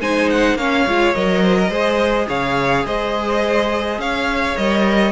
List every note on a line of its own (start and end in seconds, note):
0.00 0.55 G#3
0.00 0.59 D#4
0.00 0.58 C5
0.00 0.30 G#5
0.30 0.58 F#5
0.55 0.84 A#3
0.55 0.87 C#4
0.55 1.43 C#5
0.55 1.15 F5
0.87 1.16 G#3
0.87 1.16 F4
1.15 1.70 F#3
1.15 1.72 A#4
1.15 2.29 D#5
1.43 1.57 C5
1.60 1.70 A#4
1.70 2.27 G#3
1.70 4.57 G#4
1.70 2.27 C5
2.28 2.86 C#3
2.28 2.86 C#5
2.28 2.87 F5
2.86 3.98 G#3
2.86 4.00 C5
2.86 4.01 D#5
3.98 4.56 C#4
3.98 5.12 C#5
3.98 4.58 F5
4.57 5.12 G3
4.57 5.12 A#4
4.57 5.12 D#5